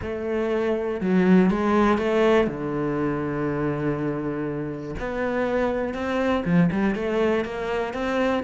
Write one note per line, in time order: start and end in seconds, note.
0.01 1.00 A3
1.00 1.50 F#3
1.50 1.97 G#3
1.97 2.47 A3
2.47 4.95 D3
4.99 5.94 B3
5.94 6.43 C4
6.45 6.70 F3
6.71 6.95 G3
6.95 7.44 A3
7.44 7.93 A#3
7.93 8.43 C4